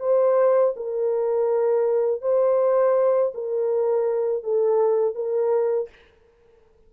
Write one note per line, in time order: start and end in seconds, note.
0.00 0.74 C5
0.76 2.22 A#4
2.22 3.33 C5
3.34 4.44 A#4
4.44 5.15 A4
5.15 5.89 A#4